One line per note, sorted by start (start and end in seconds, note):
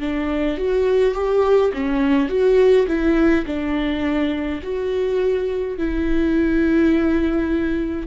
0.00 0.57 D4
0.57 1.14 F#4
1.14 1.72 G4
1.73 2.29 C#4
2.29 2.86 F#4
2.87 3.45 E4
3.46 4.62 D4
4.63 5.78 F#4
5.78 8.07 E4